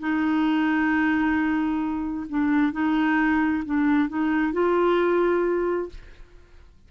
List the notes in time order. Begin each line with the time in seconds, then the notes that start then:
0.00 D#4
2.30 D4
2.73 D#4
3.65 D4
4.09 D#4
4.53 F4